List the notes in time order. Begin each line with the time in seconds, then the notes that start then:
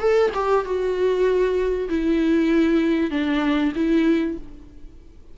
0.00 A4
0.34 G4
0.65 F#4
1.89 E4
3.11 D4
3.75 E4